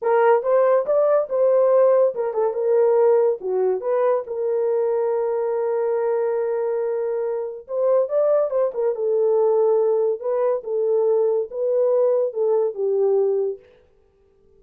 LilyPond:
\new Staff \with { instrumentName = "horn" } { \time 4/4 \tempo 4 = 141 ais'4 c''4 d''4 c''4~ | c''4 ais'8 a'8 ais'2 | fis'4 b'4 ais'2~ | ais'1~ |
ais'2 c''4 d''4 | c''8 ais'8 a'2. | b'4 a'2 b'4~ | b'4 a'4 g'2 | }